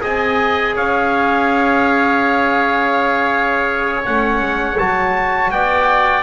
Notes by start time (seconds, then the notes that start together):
0.00 C4 G#4 D#5 G#5
0.75 C#4 C#5 F5
4.03 A3 C#4 F#5
4.40 G#3
4.78 F#3 F#4 A5
5.50 B3 D5 G5